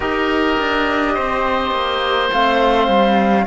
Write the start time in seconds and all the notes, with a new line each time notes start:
0.00 D#4 G4 A#4 D#5
0.59 D4
1.14 C4 C5
1.71 A#3
2.32 A3 C4 F5
2.87 G3